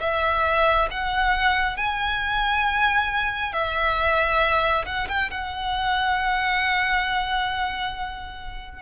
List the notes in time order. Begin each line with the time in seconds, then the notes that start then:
0.00 E5
0.91 F#5
1.77 G#5
3.53 E5
4.86 F#5
5.08 G5
5.30 F#5